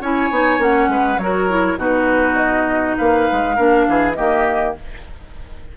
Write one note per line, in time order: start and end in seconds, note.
0.00 0.30 C#4
0.00 0.31 E4
0.00 0.90 C#5
0.00 0.62 G#5
0.30 0.58 B3
0.30 0.58 D#4
0.58 0.87 A#3
0.58 1.18 C#4
0.58 1.18 F#5
0.87 1.17 G#3
0.87 1.20 B4
1.18 1.76 F#3
1.18 1.49 F#4
1.18 1.78 A#4
1.18 1.77 C#5
1.49 1.78 E4
1.76 2.95 B2
1.76 3.56 D#4
1.76 2.97 F#4
1.76 2.36 B4
2.36 2.95 D#5
2.97 3.29 A#3
2.97 3.55 B4
2.97 4.13 F5
3.31 3.58 G#3
3.55 3.87 A#3
3.55 4.16 D4
3.55 3.85 A#4
3.88 4.17 E3
3.88 4.16 G#4
4.13 4.77 D#3
4.13 4.75 A#3
4.13 4.76 G4
4.13 4.73 D#5